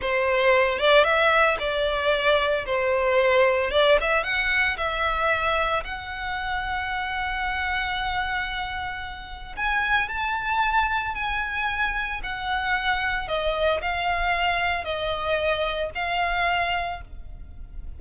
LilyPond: \new Staff \with { instrumentName = "violin" } { \time 4/4 \tempo 4 = 113 c''4. d''8 e''4 d''4~ | d''4 c''2 d''8 e''8 | fis''4 e''2 fis''4~ | fis''1~ |
fis''2 gis''4 a''4~ | a''4 gis''2 fis''4~ | fis''4 dis''4 f''2 | dis''2 f''2 | }